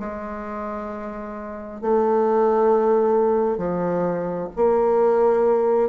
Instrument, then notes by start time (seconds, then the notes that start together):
bassoon
0.00 G#3
1.82 A3
3.58 F3
4.57 A#3